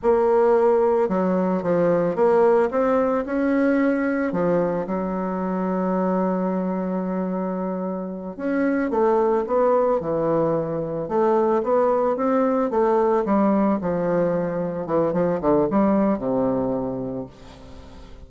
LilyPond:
\new Staff \with { instrumentName = "bassoon" } { \time 4/4 \tempo 4 = 111 ais2 fis4 f4 | ais4 c'4 cis'2 | f4 fis2.~ | fis2.~ fis8 cis'8~ |
cis'8 a4 b4 e4.~ | e8 a4 b4 c'4 a8~ | a8 g4 f2 e8 | f8 d8 g4 c2 | }